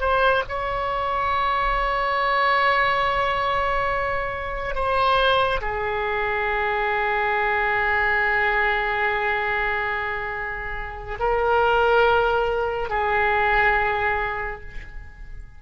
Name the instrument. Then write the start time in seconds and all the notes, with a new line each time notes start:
oboe
0.00 C5
0.48 C#5
4.75 C5
5.61 G#4
11.19 A#4
12.89 G#4